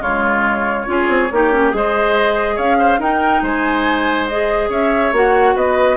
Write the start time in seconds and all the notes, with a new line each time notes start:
0.00 C#3 G#3 F4 C#5
0.86 C#4 F4 G#4
1.09 C4
1.32 A#3 D#4 G4
1.52 C#4
1.71 G#3 G#4 C5 D#5
2.55 C#4 C#5 F5
2.79 C5
2.99 D#4 A#4 G5
3.42 G#3 C5 G#5
4.27 G#4 D#5
4.69 C#4 C#5 E5
5.12 A#3 F#4 F#5
5.55 B3 B4 D#5